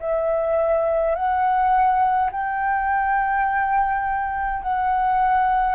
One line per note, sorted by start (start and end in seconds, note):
0.00 1.15 E5
1.15 2.31 F#5
2.32 4.63 G5
4.63 5.75 F#5